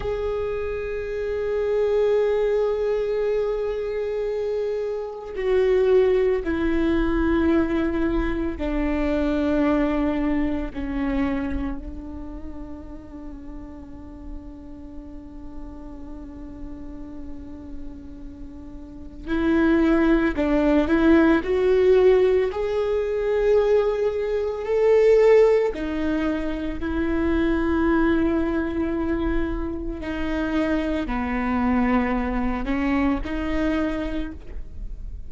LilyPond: \new Staff \with { instrumentName = "viola" } { \time 4/4 \tempo 4 = 56 gis'1~ | gis'4 fis'4 e'2 | d'2 cis'4 d'4~ | d'1~ |
d'2 e'4 d'8 e'8 | fis'4 gis'2 a'4 | dis'4 e'2. | dis'4 b4. cis'8 dis'4 | }